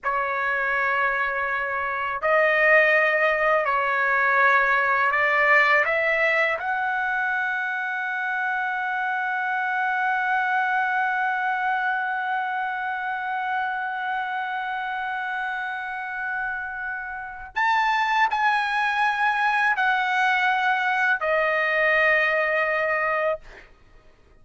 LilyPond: \new Staff \with { instrumentName = "trumpet" } { \time 4/4 \tempo 4 = 82 cis''2. dis''4~ | dis''4 cis''2 d''4 | e''4 fis''2.~ | fis''1~ |
fis''1~ | fis''1 | a''4 gis''2 fis''4~ | fis''4 dis''2. | }